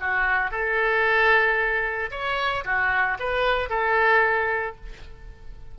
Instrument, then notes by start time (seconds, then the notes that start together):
oboe
0.00 F#4
0.51 A4
2.11 C#5
2.65 F#4
3.20 B4
3.70 A4